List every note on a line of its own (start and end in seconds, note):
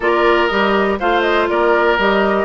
0.00 0.49 A#3
0.00 0.50 F4
0.00 0.98 A#4
0.00 0.47 D5
0.47 1.00 G3
0.47 0.99 G4
0.47 0.96 D#5
0.99 1.49 A3
0.99 1.99 F4
0.99 1.49 C5
0.99 1.21 F5
1.21 1.46 D#5
1.49 1.98 A#3
1.49 2.45 A#4
1.49 1.98 D5
1.98 2.45 G3
1.98 2.45 G4
1.98 2.45 D#5